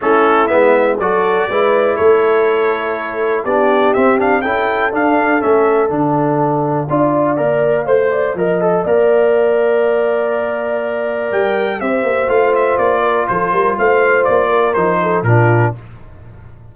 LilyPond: <<
  \new Staff \with { instrumentName = "trumpet" } { \time 4/4 \tempo 4 = 122 a'4 e''4 d''2 | cis''2. d''4 | e''8 f''8 g''4 f''4 e''4 | f''1~ |
f''1~ | f''2. g''4 | e''4 f''8 e''8 d''4 c''4 | f''4 d''4 c''4 ais'4 | }
  \new Staff \with { instrumentName = "horn" } { \time 4/4 e'2 a'4 b'4 | a'2. g'4~ | g'4 a'2.~ | a'2 d''2 |
c''8 d''8 dis''4 d''2~ | d''1 | c''2~ c''8 ais'8 a'8 ais'8 | c''4. ais'4 a'8 f'4 | }
  \new Staff \with { instrumentName = "trombone" } { \time 4/4 cis'4 b4 fis'4 e'4~ | e'2. d'4 | c'8 d'8 e'4 d'4 cis'4 | d'2 f'4 ais'4 |
c''4 ais'8 a'8 ais'2~ | ais'1 | g'4 f'2.~ | f'2 dis'4 d'4 | }
  \new Staff \with { instrumentName = "tuba" } { \time 4/4 a4 gis4 fis4 gis4 | a2. b4 | c'4 cis'4 d'4 a4 | d2 d'4 ais4 |
a4 f4 ais2~ | ais2. g4 | c'8 ais8 a4 ais4 f8 g8 | a4 ais4 f4 ais,4 | }
>>